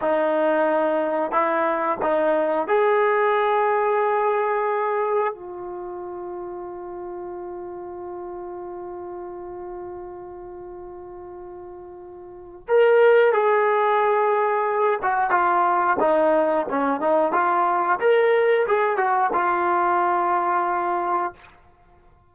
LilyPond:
\new Staff \with { instrumentName = "trombone" } { \time 4/4 \tempo 4 = 90 dis'2 e'4 dis'4 | gis'1 | f'1~ | f'1~ |
f'2. ais'4 | gis'2~ gis'8 fis'8 f'4 | dis'4 cis'8 dis'8 f'4 ais'4 | gis'8 fis'8 f'2. | }